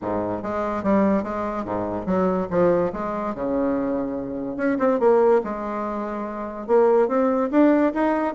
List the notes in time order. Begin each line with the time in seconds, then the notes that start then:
0.01 G#2
0.43 G#3
0.83 G3
1.23 G#3
1.64 G#2
2.06 F#3
2.50 F3
2.93 G#3
3.34 C#3
4.56 C#4
4.79 C4
4.99 A#3
5.44 G#3
6.67 A#3
7.08 C4
7.51 D4
7.93 D#4